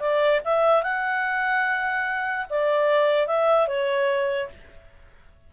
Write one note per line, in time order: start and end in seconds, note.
0.00 0.41 D5
0.45 0.83 E5
0.83 2.47 F#5
2.50 3.27 D5
3.27 3.68 E5
3.68 4.50 C#5